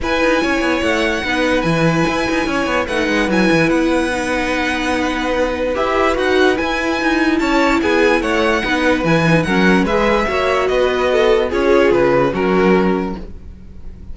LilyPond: <<
  \new Staff \with { instrumentName = "violin" } { \time 4/4 \tempo 4 = 146 gis''2 fis''2 | gis''2. fis''4 | gis''4 fis''2.~ | fis''2 e''4 fis''4 |
gis''2 a''4 gis''4 | fis''2 gis''4 fis''4 | e''2 dis''2 | cis''4 b'4 ais'2 | }
  \new Staff \with { instrumentName = "violin" } { \time 4/4 b'4 cis''2 b'4~ | b'2 cis''4 b'4~ | b'1~ | b'1~ |
b'2 cis''4 gis'4 | cis''4 b'2 ais'4 | b'4 cis''4 b'4 a'4 | gis'2 fis'2 | }
  \new Staff \with { instrumentName = "viola" } { \time 4/4 e'2. dis'4 | e'2. dis'4 | e'2 dis'2~ | dis'2 g'4 fis'4 |
e'1~ | e'4 dis'4 e'8 dis'8 cis'4 | gis'4 fis'2. | f'2 cis'2 | }
  \new Staff \with { instrumentName = "cello" } { \time 4/4 e'8 dis'8 cis'8 b8 a4 b4 | e4 e'8 dis'8 cis'8 b8 a8 gis8 | fis8 e8 b2.~ | b2 e'4 dis'4 |
e'4 dis'4 cis'4 b4 | a4 b4 e4 fis4 | gis4 ais4 b2 | cis'4 cis4 fis2 | }
>>